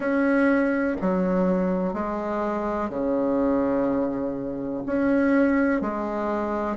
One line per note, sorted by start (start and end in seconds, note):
0.00 0.96 C#4
1.01 1.94 F#3
1.94 2.89 G#3
2.89 4.83 C#3
4.86 5.81 C#4
5.81 6.76 G#3